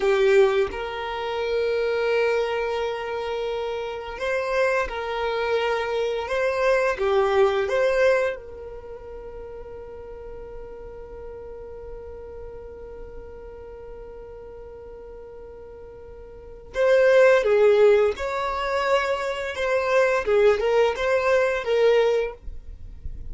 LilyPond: \new Staff \with { instrumentName = "violin" } { \time 4/4 \tempo 4 = 86 g'4 ais'2.~ | ais'2 c''4 ais'4~ | ais'4 c''4 g'4 c''4 | ais'1~ |
ais'1~ | ais'1 | c''4 gis'4 cis''2 | c''4 gis'8 ais'8 c''4 ais'4 | }